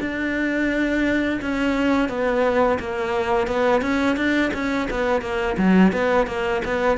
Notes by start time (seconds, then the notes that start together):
0.00 D4
1.41 C#4
2.09 B3
2.80 A#3
3.47 B3
3.82 C#4
4.16 D4
4.53 C#4
4.90 B3
5.21 A#3
5.58 F#3
5.92 B3
6.27 A#3
6.64 B3